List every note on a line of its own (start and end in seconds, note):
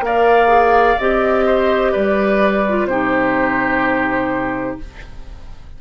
0.00 0.95 A#3
0.00 0.47 A#4
0.00 1.46 D5
0.00 0.98 F5
0.47 0.95 G#4
0.98 1.94 C4
0.98 2.67 G4
0.98 1.93 D#5
1.46 1.92 C5
1.92 2.86 G3
1.92 2.87 B4
1.92 2.86 D5
2.68 2.91 F4
2.86 4.76 C3
2.86 4.81 D#4
2.86 4.80 G4
2.86 4.77 C5